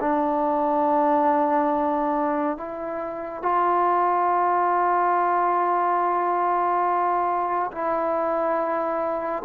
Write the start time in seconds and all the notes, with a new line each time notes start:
0.00 D4
2.57 E4
3.42 F4
7.71 E4